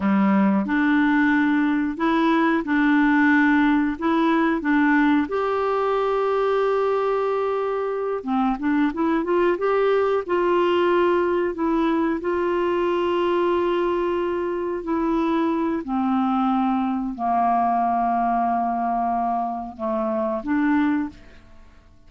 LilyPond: \new Staff \with { instrumentName = "clarinet" } { \time 4/4 \tempo 4 = 91 g4 d'2 e'4 | d'2 e'4 d'4 | g'1~ | g'8 c'8 d'8 e'8 f'8 g'4 f'8~ |
f'4. e'4 f'4.~ | f'2~ f'8 e'4. | c'2 ais2~ | ais2 a4 d'4 | }